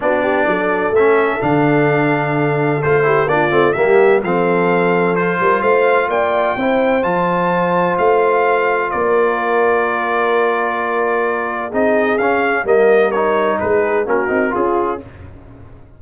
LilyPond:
<<
  \new Staff \with { instrumentName = "trumpet" } { \time 4/4 \tempo 4 = 128 d''2 e''4 f''4~ | f''2 c''4 d''4 | e''4 f''2 c''4 | f''4 g''2 a''4~ |
a''4 f''2 d''4~ | d''1~ | d''4 dis''4 f''4 dis''4 | cis''4 b'4 ais'4 gis'4 | }
  \new Staff \with { instrumentName = "horn" } { \time 4/4 fis'8 g'8 a'2.~ | a'2~ a'8 g'8 f'4 | g'4 a'2~ a'8 ais'8 | c''4 d''4 c''2~ |
c''2. ais'4~ | ais'1~ | ais'4 gis'2 ais'4~ | ais'4 gis'4 fis'4 f'4 | }
  \new Staff \with { instrumentName = "trombone" } { \time 4/4 d'2 cis'4 d'4~ | d'2 f'8 e'8 d'8 c'8 | ais4 c'2 f'4~ | f'2 e'4 f'4~ |
f'1~ | f'1~ | f'4 dis'4 cis'4 ais4 | dis'2 cis'8 dis'8 f'4 | }
  \new Staff \with { instrumentName = "tuba" } { \time 4/4 b4 fis4 a4 d4~ | d2 a4 ais8 a8 | g4 f2~ f8 g8 | a4 ais4 c'4 f4~ |
f4 a2 ais4~ | ais1~ | ais4 c'4 cis'4 g4~ | g4 gis4 ais8 c'8 cis'4 | }
>>